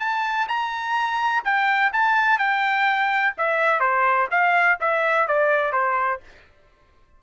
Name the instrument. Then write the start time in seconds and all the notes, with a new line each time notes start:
trumpet
0.00 A5
0.48 A#5
1.45 G5
1.93 A5
2.39 G5
3.38 E5
3.80 C5
4.31 F5
4.81 E5
5.28 D5
5.73 C5